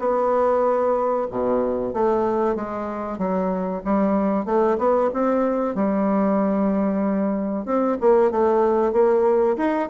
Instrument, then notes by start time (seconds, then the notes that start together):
bassoon
0.00 B3
1.31 B2
1.94 A3
2.56 G#3
3.19 F#3
3.85 G3
4.46 A3
4.79 B3
5.14 C4
5.75 G3
7.66 C4
8.01 A#3
8.32 A3
8.93 A#3
9.58 D#4